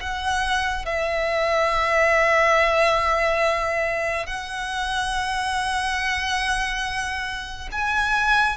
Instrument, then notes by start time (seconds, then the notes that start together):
violin
0.00 F#5
0.85 E5
4.26 F#5
7.72 G#5